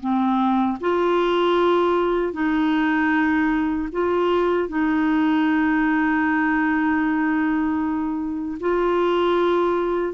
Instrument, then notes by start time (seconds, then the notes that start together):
clarinet
0.00 C4
0.81 F4
2.33 D#4
3.92 F4
4.69 D#4
8.60 F4